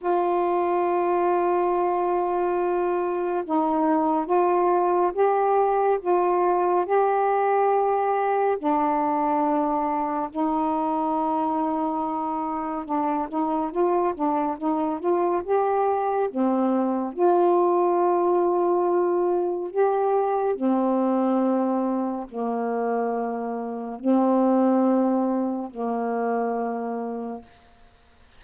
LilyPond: \new Staff \with { instrumentName = "saxophone" } { \time 4/4 \tempo 4 = 70 f'1 | dis'4 f'4 g'4 f'4 | g'2 d'2 | dis'2. d'8 dis'8 |
f'8 d'8 dis'8 f'8 g'4 c'4 | f'2. g'4 | c'2 ais2 | c'2 ais2 | }